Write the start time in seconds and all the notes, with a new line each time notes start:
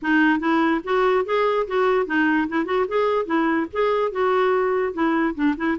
0.02 D#4
0.39 E4
0.84 F#4
1.25 G#4
1.67 F#4
2.06 D#4
2.48 E4
2.65 F#4
2.88 G#4
3.25 E4
3.72 G#4
4.11 F#4
4.93 E4
5.34 D4
5.56 E4